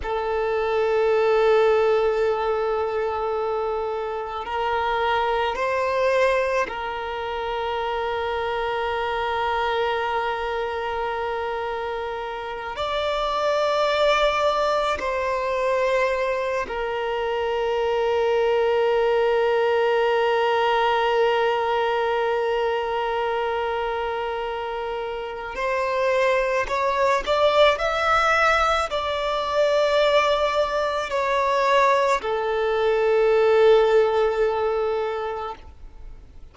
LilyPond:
\new Staff \with { instrumentName = "violin" } { \time 4/4 \tempo 4 = 54 a'1 | ais'4 c''4 ais'2~ | ais'2.~ ais'8 d''8~ | d''4. c''4. ais'4~ |
ais'1~ | ais'2. c''4 | cis''8 d''8 e''4 d''2 | cis''4 a'2. | }